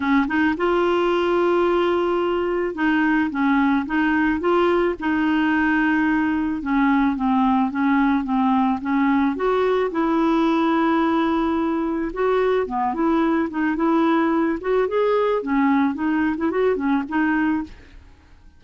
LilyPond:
\new Staff \with { instrumentName = "clarinet" } { \time 4/4 \tempo 4 = 109 cis'8 dis'8 f'2.~ | f'4 dis'4 cis'4 dis'4 | f'4 dis'2. | cis'4 c'4 cis'4 c'4 |
cis'4 fis'4 e'2~ | e'2 fis'4 b8 e'8~ | e'8 dis'8 e'4. fis'8 gis'4 | cis'4 dis'8. e'16 fis'8 cis'8 dis'4 | }